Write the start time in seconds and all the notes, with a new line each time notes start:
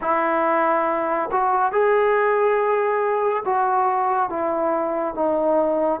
0.01 E4
1.31 F#4
1.72 G#4
3.45 F#4
4.29 E4
5.14 D#4